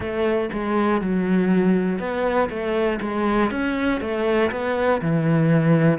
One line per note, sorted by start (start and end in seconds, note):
0.00 0.50 A3
0.53 1.01 G#3
1.01 1.99 F#3
1.99 2.49 B3
2.49 2.99 A3
3.00 3.50 G#3
3.50 4.00 C#4
4.00 4.50 A3
4.51 5.01 B3
5.01 5.98 E3